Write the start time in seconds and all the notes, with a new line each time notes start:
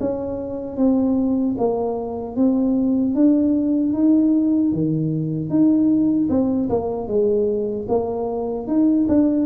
0.00 C#4
0.76 C4
1.58 A#3
2.36 C4
3.14 D4
3.93 D#4
4.72 D#3
5.49 D#4
6.29 C4
6.69 A#3
7.07 G#3
7.88 A#3
8.67 D#4
9.08 D4